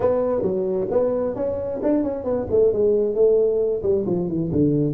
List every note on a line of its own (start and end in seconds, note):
0.00 0.42 B3
0.42 0.87 F#3
0.90 1.35 B3
1.35 1.80 C#4
1.82 2.03 D4
2.03 2.24 C#4
2.24 2.46 B3
2.50 2.72 A3
2.72 3.14 G#3
3.14 3.82 A3
3.82 4.05 G3
4.06 4.28 F3
4.28 4.51 E3
4.52 4.93 D3